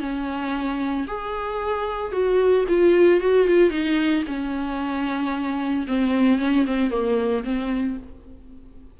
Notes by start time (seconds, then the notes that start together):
0.00 C#4
1.07 G#4
2.12 F#4
2.68 F4
3.21 F#4
3.47 F4
3.70 D#4
4.27 C#4
5.87 C4
6.39 C#4
6.66 C4
6.90 A#3
7.44 C4